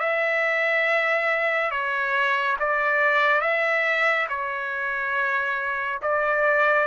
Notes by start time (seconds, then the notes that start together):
0.00 E5
1.71 C#5
2.59 D5
3.41 E5
4.29 C#5
6.02 D5